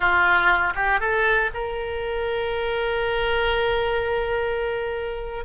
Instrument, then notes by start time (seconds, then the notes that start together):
oboe
0.00 F4
0.75 G4
1.00 A4
1.54 A#4